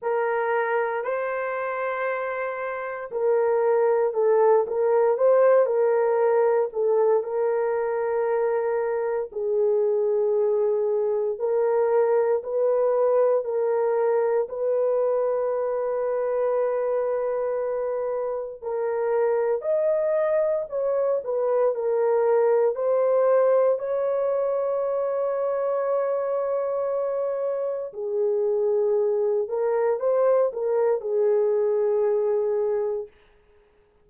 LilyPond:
\new Staff \with { instrumentName = "horn" } { \time 4/4 \tempo 4 = 58 ais'4 c''2 ais'4 | a'8 ais'8 c''8 ais'4 a'8 ais'4~ | ais'4 gis'2 ais'4 | b'4 ais'4 b'2~ |
b'2 ais'4 dis''4 | cis''8 b'8 ais'4 c''4 cis''4~ | cis''2. gis'4~ | gis'8 ais'8 c''8 ais'8 gis'2 | }